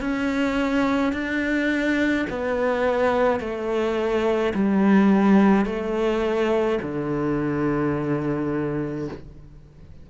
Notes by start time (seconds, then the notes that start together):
0.00 C#4
1.12 D4
2.30 B3
3.40 A3
4.54 G3
5.65 A3
6.81 D3